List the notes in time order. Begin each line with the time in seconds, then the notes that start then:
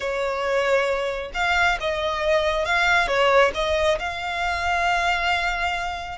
0.00 C#5
1.34 F5
1.80 D#5
2.65 F5
3.07 C#5
3.54 D#5
3.99 F5